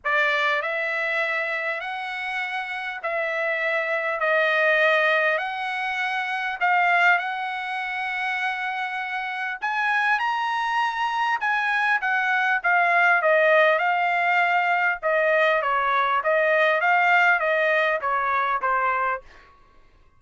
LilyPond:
\new Staff \with { instrumentName = "trumpet" } { \time 4/4 \tempo 4 = 100 d''4 e''2 fis''4~ | fis''4 e''2 dis''4~ | dis''4 fis''2 f''4 | fis''1 |
gis''4 ais''2 gis''4 | fis''4 f''4 dis''4 f''4~ | f''4 dis''4 cis''4 dis''4 | f''4 dis''4 cis''4 c''4 | }